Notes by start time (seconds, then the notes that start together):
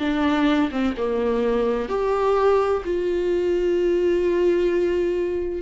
0.00 D4
0.72 C4
0.98 A#3
1.89 G4
2.85 F4